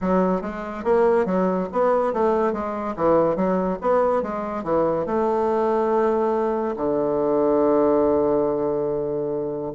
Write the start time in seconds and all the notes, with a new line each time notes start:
0.01 F#3
0.41 G#3
0.83 A#3
1.25 F#3
1.72 B3
2.13 A3
2.52 G#3
2.96 E3
3.36 F#3
3.81 B3
4.22 G#3
4.63 E3
5.06 A3
6.76 D3